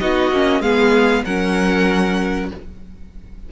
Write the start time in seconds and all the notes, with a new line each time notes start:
0.00 B3 D#4 F#4 D#5
0.31 A#3 C#4
0.60 G#3 B3 G#4 F5
1.24 F#3 C#4 A#4 F#5